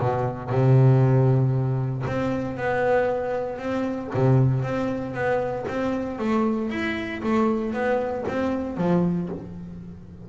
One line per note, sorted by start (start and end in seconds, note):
0.00 0.50 B2
0.50 2.05 C3
2.07 2.57 C4
2.57 3.59 B3
3.59 4.10 C4
4.14 4.63 C3
4.63 5.14 C4
5.14 5.66 B3
5.68 6.19 C4
6.19 6.70 A3
6.70 7.22 E4
7.23 7.74 A3
7.74 8.25 B3
8.29 8.78 C4
8.78 9.29 F3